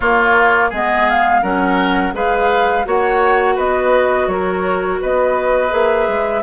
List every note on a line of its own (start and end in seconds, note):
0.00 0.72 A#3
0.00 0.69 F4
0.00 0.71 C#5
0.69 1.43 G#3
0.69 1.42 B3
0.69 1.41 G#4
0.69 1.09 D#5
1.09 1.43 F5
1.42 2.13 F#3
1.42 2.13 C#4
1.42 2.13 A#4
1.42 2.14 F#5
2.13 2.85 G#3
2.13 2.84 G#4
2.13 2.86 B4
2.13 2.87 F5
2.84 3.57 A#3
2.84 5.69 F#4
2.84 3.55 C#5
2.84 3.58 F#5
3.55 4.27 B3
3.55 4.26 B4
3.55 4.28 D#5
4.27 4.98 F#3
4.27 5.01 A#4
4.27 4.99 C#5
5.01 5.72 B3
5.01 6.42 B4
5.01 5.73 D#5
5.69 6.07 A#3
5.69 6.41 G#4
5.69 6.42 E5
6.07 6.42 G#3